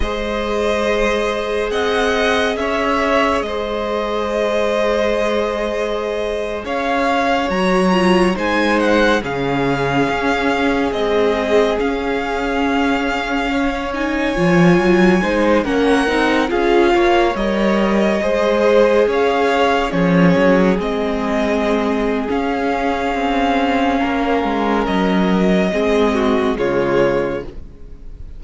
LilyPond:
<<
  \new Staff \with { instrumentName = "violin" } { \time 4/4 \tempo 4 = 70 dis''2 fis''4 e''4 | dis''2.~ dis''8. f''16~ | f''8. ais''4 gis''8 fis''8 f''4~ f''16~ | f''8. dis''4 f''2~ f''16~ |
f''16 gis''2 fis''4 f''8.~ | f''16 dis''2 f''4 cis''8.~ | cis''16 dis''4.~ dis''16 f''2~ | f''4 dis''2 cis''4 | }
  \new Staff \with { instrumentName = "violin" } { \time 4/4 c''2 dis''4 cis''4 | c''2.~ c''8. cis''16~ | cis''4.~ cis''16 c''4 gis'4~ gis'16~ | gis'2.~ gis'8. cis''16~ |
cis''4.~ cis''16 c''8 ais'4 gis'8 cis''16~ | cis''4~ cis''16 c''4 cis''4 gis'8.~ | gis'1 | ais'2 gis'8 fis'8 f'4 | }
  \new Staff \with { instrumentName = "viola" } { \time 4/4 gis'1~ | gis'1~ | gis'8. fis'8 f'8 dis'4 cis'4~ cis'16~ | cis'8. gis4 cis'2~ cis'16~ |
cis'16 dis'8 f'4 dis'8 cis'8 dis'8 f'8.~ | f'16 ais'4 gis'2 cis'8.~ | cis'16 c'4.~ c'16 cis'2~ | cis'2 c'4 gis4 | }
  \new Staff \with { instrumentName = "cello" } { \time 4/4 gis2 c'4 cis'4 | gis2.~ gis8. cis'16~ | cis'8. fis4 gis4 cis4 cis'16~ | cis'8. c'4 cis'2~ cis'16~ |
cis'8. f8 fis8 gis8 ais8 c'8 cis'8 ais16~ | ais16 g4 gis4 cis'4 f8 fis16~ | fis16 gis4.~ gis16 cis'4 c'4 | ais8 gis8 fis4 gis4 cis4 | }
>>